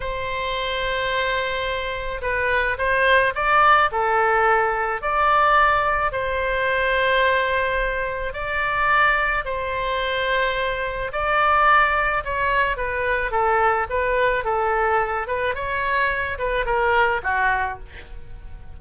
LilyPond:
\new Staff \with { instrumentName = "oboe" } { \time 4/4 \tempo 4 = 108 c''1 | b'4 c''4 d''4 a'4~ | a'4 d''2 c''4~ | c''2. d''4~ |
d''4 c''2. | d''2 cis''4 b'4 | a'4 b'4 a'4. b'8 | cis''4. b'8 ais'4 fis'4 | }